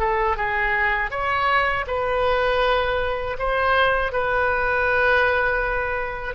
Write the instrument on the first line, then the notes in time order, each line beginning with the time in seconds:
oboe
0.00 A4
0.37 G#4
1.11 C#5
1.88 B4
3.39 C5
4.12 B4